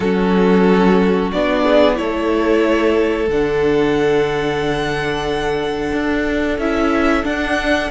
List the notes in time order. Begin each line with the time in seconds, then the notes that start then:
0.00 F#3 C#4 F#4 A4
1.32 B3 D4 D5
1.65 G#4
1.94 A3 E4 A4 C#5
3.28 D3 D4 F#5
5.92 D4
6.58 C#4 E4 E5
7.23 D4 F#5